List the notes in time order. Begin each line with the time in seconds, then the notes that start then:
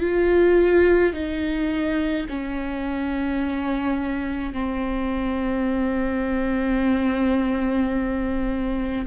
0.00 F4
1.13 D#4
2.28 C#4
4.53 C4